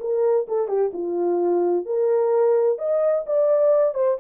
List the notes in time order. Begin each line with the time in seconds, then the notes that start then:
0.00 A#4
0.48 A4
0.68 G4
0.93 F4
1.85 A#4
2.78 D#5
3.26 D5
3.94 C5